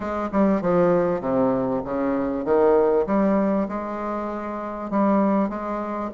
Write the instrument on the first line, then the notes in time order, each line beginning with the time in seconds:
bassoon
0.00 G#3
0.32 G3
0.61 F3
1.20 C3
1.84 C#3
2.44 D#3
3.06 G3
3.68 G#3
4.90 G3
5.49 G#3